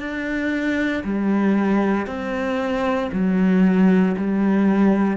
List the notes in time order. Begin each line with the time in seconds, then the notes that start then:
0.00 D4
1.04 G3
2.07 C4
3.13 F#3
4.17 G3